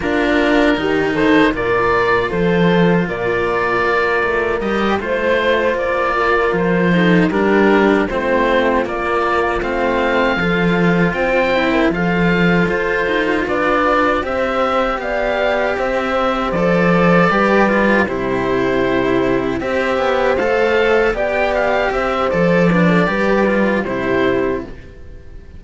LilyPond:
<<
  \new Staff \with { instrumentName = "oboe" } { \time 4/4 \tempo 4 = 78 ais'4. c''8 d''4 c''4 | d''2 dis''8 c''4 d''8~ | d''8 c''4 ais'4 c''4 d''8~ | d''8 f''2 g''4 f''8~ |
f''8 c''4 d''4 e''4 f''8~ | f''8 e''4 d''2 c''8~ | c''4. e''4 f''4 g''8 | f''8 e''8 d''2 c''4 | }
  \new Staff \with { instrumentName = "horn" } { \time 4/4 f'4 g'8 a'8 ais'4 a'4 | ais'2~ ais'8 c''4. | ais'4 a'8 g'4 f'4.~ | f'4. a'4 c''8. ais'16 a'8~ |
a'4. b'4 c''4 d''8~ | d''8 c''2 b'4 g'8~ | g'4. c''2 d''8~ | d''8 c''4 b'16 a'16 b'4 g'4 | }
  \new Staff \with { instrumentName = "cello" } { \time 4/4 d'4 dis'4 f'2~ | f'2 g'8 f'4.~ | f'4 dis'8 d'4 c'4 ais8~ | ais8 c'4 f'4. e'8 f'8~ |
f'2~ f'8 g'4.~ | g'4. a'4 g'8 f'8 e'8~ | e'4. g'4 a'4 g'8~ | g'4 a'8 d'8 g'8 f'8 e'4 | }
  \new Staff \with { instrumentName = "cello" } { \time 4/4 ais4 dis4 ais,4 f4 | ais,4 ais8 a8 g8 a4 ais8~ | ais8 f4 g4 a4 ais8~ | ais8 a4 f4 c'4 f8~ |
f8 f'8 dis'8 d'4 c'4 b8~ | b8 c'4 f4 g4 c8~ | c4. c'8 b8 a4 b8~ | b8 c'8 f4 g4 c4 | }
>>